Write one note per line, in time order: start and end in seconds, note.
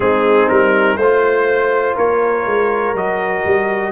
0.00 0.48 G#3
0.00 0.98 C4
0.00 0.98 D#4
0.00 0.48 G#4
0.48 0.96 G3
0.48 0.96 A#4
0.96 1.94 A3
0.96 2.96 F4
0.96 1.95 C5
1.95 2.45 A#3
1.95 3.91 A#4
1.95 2.96 C#5
2.45 2.93 G#3
2.93 3.43 F#3
2.93 3.91 F#4
2.93 3.91 D#5
3.45 3.91 G3